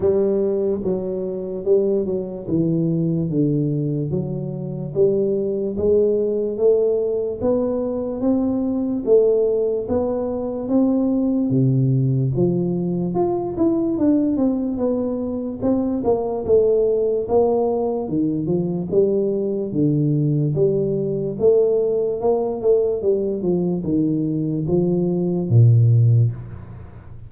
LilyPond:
\new Staff \with { instrumentName = "tuba" } { \time 4/4 \tempo 4 = 73 g4 fis4 g8 fis8 e4 | d4 fis4 g4 gis4 | a4 b4 c'4 a4 | b4 c'4 c4 f4 |
f'8 e'8 d'8 c'8 b4 c'8 ais8 | a4 ais4 dis8 f8 g4 | d4 g4 a4 ais8 a8 | g8 f8 dis4 f4 ais,4 | }